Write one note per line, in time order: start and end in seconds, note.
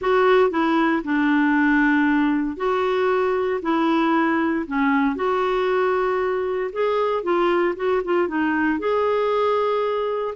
0.01 0.50 F#4
0.50 1.02 E4
1.04 2.57 D4
2.57 3.60 F#4
3.62 4.65 E4
4.66 5.15 C#4
5.15 6.70 F#4
6.72 7.23 G#4
7.23 7.74 F4
7.76 8.01 F#4
8.04 8.28 F4
8.28 8.79 D#4
8.79 10.34 G#4